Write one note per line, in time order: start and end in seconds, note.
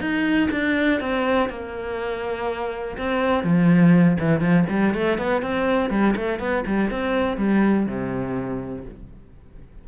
0.00 0.49 D#4
0.51 1.00 D4
1.00 1.49 C4
1.49 2.97 A#3
2.97 3.43 C4
3.43 4.17 F3
4.20 4.40 E3
4.40 4.65 F3
4.69 4.94 G3
4.94 5.18 A3
5.18 5.42 B3
5.42 5.90 C4
5.90 6.15 G3
6.16 6.39 A3
6.39 6.64 B3
6.66 6.90 G3
6.90 7.37 C4
7.37 7.86 G3
7.86 8.84 C3